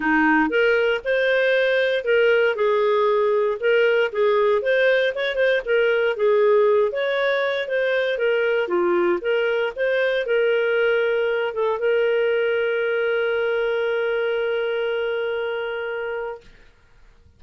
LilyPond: \new Staff \with { instrumentName = "clarinet" } { \time 4/4 \tempo 4 = 117 dis'4 ais'4 c''2 | ais'4 gis'2 ais'4 | gis'4 c''4 cis''8 c''8 ais'4 | gis'4. cis''4. c''4 |
ais'4 f'4 ais'4 c''4 | ais'2~ ais'8 a'8 ais'4~ | ais'1~ | ais'1 | }